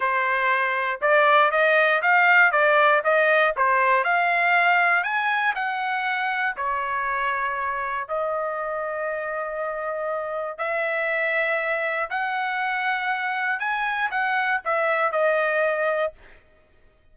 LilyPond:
\new Staff \with { instrumentName = "trumpet" } { \time 4/4 \tempo 4 = 119 c''2 d''4 dis''4 | f''4 d''4 dis''4 c''4 | f''2 gis''4 fis''4~ | fis''4 cis''2. |
dis''1~ | dis''4 e''2. | fis''2. gis''4 | fis''4 e''4 dis''2 | }